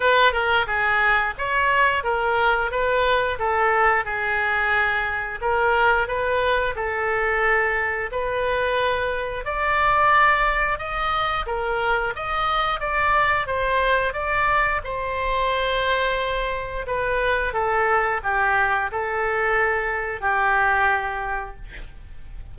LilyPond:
\new Staff \with { instrumentName = "oboe" } { \time 4/4 \tempo 4 = 89 b'8 ais'8 gis'4 cis''4 ais'4 | b'4 a'4 gis'2 | ais'4 b'4 a'2 | b'2 d''2 |
dis''4 ais'4 dis''4 d''4 | c''4 d''4 c''2~ | c''4 b'4 a'4 g'4 | a'2 g'2 | }